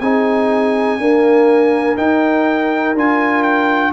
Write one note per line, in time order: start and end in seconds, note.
0.00 0.98 C4
0.00 0.99 D#4
0.00 0.99 G#4
0.00 1.97 G#5
0.98 1.97 A#3
0.98 1.97 D4
0.98 3.93 A#4
1.97 2.94 D#4
1.97 2.95 D#4
1.97 2.95 G5
2.94 3.93 D4
2.94 3.93 F4
2.94 3.42 G#5
3.42 3.92 G5